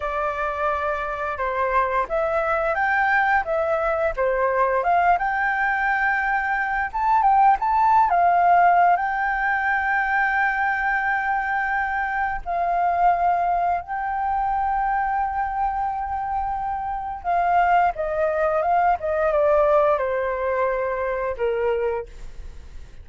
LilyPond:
\new Staff \with { instrumentName = "flute" } { \time 4/4 \tempo 4 = 87 d''2 c''4 e''4 | g''4 e''4 c''4 f''8 g''8~ | g''2 a''8 g''8 a''8. f''16~ | f''4 g''2.~ |
g''2 f''2 | g''1~ | g''4 f''4 dis''4 f''8 dis''8 | d''4 c''2 ais'4 | }